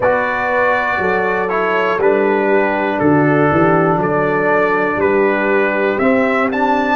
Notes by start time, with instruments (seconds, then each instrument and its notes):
0.00 tuba B3, trombone F#4, horn B4, trumpet D5
0.97 tuba F#3, horn A4
1.49 trombone E4, trumpet C#5
1.97 tuba G3, trombone D4, trumpet B4
2.48 horn G4
2.99 tuba D3, horn F#4, trumpet A4
3.51 tuba E3, horn G4
3.96 tuba F#3, horn A4
4.02 trumpet D5
4.96 tuba G3, trumpet B4
5.02 horn G4
5.98 tuba C4, trombone C4, trumpet E5
6.51 trombone D4, trumpet A5